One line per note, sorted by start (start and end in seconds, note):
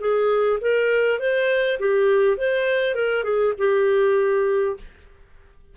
0.00 0.59 G#4
0.61 1.19 A#4
1.19 1.78 C5
1.79 2.38 G4
2.38 2.95 C5
2.95 3.23 A#4
3.23 3.53 G#4
3.58 4.77 G4